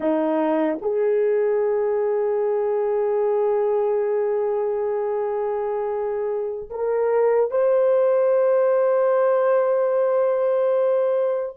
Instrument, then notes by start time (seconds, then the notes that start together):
horn
0.00 D#4
0.81 G#4
6.70 A#4
7.50 C5